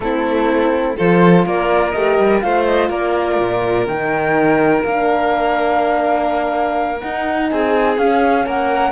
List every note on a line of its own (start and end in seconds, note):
0.00 0.96 A3
0.00 0.97 C4
0.00 0.97 E4
0.00 0.96 A4
0.97 1.45 F3
0.97 1.94 F4
0.97 1.45 A4
0.97 1.46 C5
1.45 1.94 A#3
1.45 2.43 A#4
1.45 1.91 D5
1.91 2.18 A3
1.91 2.42 G4
1.91 2.39 D#5
2.18 2.43 G3
2.40 2.89 A3
2.40 3.87 F4
2.40 2.89 C5
2.40 2.64 F5
2.64 2.89 D#5
2.89 3.38 A#3
2.89 7.49 A#4
2.89 3.87 D5
3.39 3.87 A#2
3.87 4.84 D#3
3.87 4.85 D#4
3.87 4.83 G5
4.83 7.02 A#3
4.83 7.01 D4
4.83 7.00 F5
7.00 7.97 D#4
7.00 7.51 D#4
7.00 7.48 F#5
7.49 7.97 C4
7.49 8.45 G#4
7.49 7.98 G#5
7.97 8.45 C#4
7.97 8.91 C#4
7.97 8.46 F5
8.45 8.91 A#3
8.45 8.91 A#4
8.45 8.91 F#5